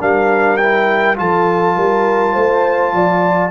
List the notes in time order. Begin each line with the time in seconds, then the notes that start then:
0.00 G3 D4 A#4 F5
0.58 E4 G5
1.16 F3 F4 A4 A5
1.76 G3 A#4
2.34 A3 C5
2.93 F3 D5